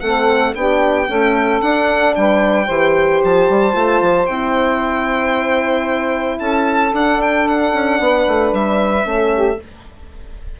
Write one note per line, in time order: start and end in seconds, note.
0.00 0.54 A3
0.00 0.55 C4
0.00 0.53 A4
0.00 0.53 F#5
0.55 1.08 B3
0.55 1.08 D4
0.55 1.08 G4
0.55 1.61 G5
1.08 1.61 A3
1.08 1.61 C#4
1.08 2.15 A4
1.61 2.67 D4
1.61 2.15 D4
1.61 2.14 F#5
2.15 2.68 G3
2.15 2.66 B4
2.15 3.21 G5
2.66 3.21 E3
2.66 3.72 G4
2.66 6.37 C5
3.23 3.49 F3
3.23 4.26 A5
3.49 3.74 G3
3.72 4.01 A3
3.72 4.26 F4
4.02 4.28 F3
4.26 6.40 C4
4.26 6.94 E4
4.26 6.38 G5
6.39 6.92 C#4
6.39 7.99 A4
6.39 6.92 A5
6.92 7.72 D4
6.92 9.03 D4
6.92 7.21 F#5
7.21 7.47 G5
7.47 8.54 F#5
7.73 7.99 C#4
7.99 8.26 B3
7.99 9.08 B4
8.27 8.52 A3
8.52 9.05 G3
8.52 9.60 E5
9.03 9.58 A3
9.03 9.56 C#4
9.03 9.33 A4
9.33 9.60 G4